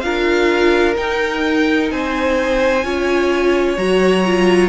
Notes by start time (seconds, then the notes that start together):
0.00 D4 F4 A#4 F5
0.95 D#4 G5
1.91 C4 C5 G#5
2.83 C#4 F4 C#5
3.77 F#3 F#4 A#5
4.25 F4